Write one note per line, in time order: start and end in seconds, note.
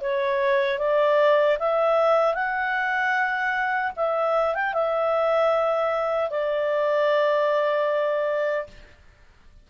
0.00 0.78 C#5
0.78 1.57 D5
1.59 2.34 E5
2.34 3.92 F#5
3.96 4.54 E5
4.54 4.73 G5
4.73 6.30 E5
6.30 8.67 D5